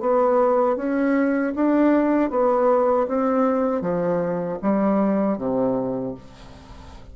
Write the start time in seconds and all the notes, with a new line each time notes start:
0.00 B3
0.76 C#4
1.55 D4
2.30 B3
3.07 C4
3.81 F3
4.62 G3
5.38 C3